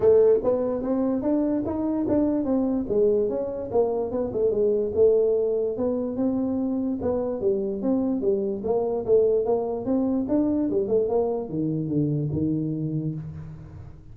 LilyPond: \new Staff \with { instrumentName = "tuba" } { \time 4/4 \tempo 4 = 146 a4 b4 c'4 d'4 | dis'4 d'4 c'4 gis4 | cis'4 ais4 b8 a8 gis4 | a2 b4 c'4~ |
c'4 b4 g4 c'4 | g4 ais4 a4 ais4 | c'4 d'4 g8 a8 ais4 | dis4 d4 dis2 | }